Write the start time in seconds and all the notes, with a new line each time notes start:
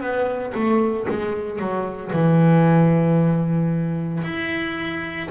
0.00 B3
0.54 A3
1.09 G#3
1.59 F#3
2.12 E3
4.23 E4